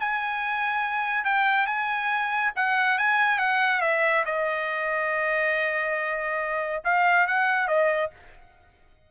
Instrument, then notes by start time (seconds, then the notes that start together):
trumpet
0.00 G#5
1.25 G5
1.67 G#5
2.56 F#5
2.98 G#5
3.39 F#5
3.81 E5
4.26 D#5
6.85 F5
7.27 F#5
7.68 D#5